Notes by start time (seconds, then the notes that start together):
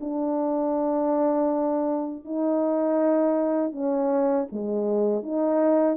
0.00 D4
2.24 D#4
3.72 C#4
4.52 G#3
5.23 D#4